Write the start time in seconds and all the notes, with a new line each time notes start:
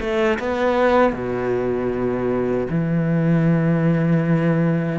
0.00 A3
0.40 B3
1.13 B2
2.70 E3